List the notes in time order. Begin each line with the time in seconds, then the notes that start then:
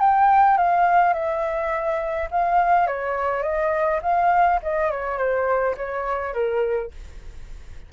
0.00 G5
0.58 F5
1.14 E5
2.31 F5
2.87 C#5
3.43 D#5
4.02 F5
4.63 D#5
4.91 C#5
5.18 C5
5.77 C#5
6.34 A#4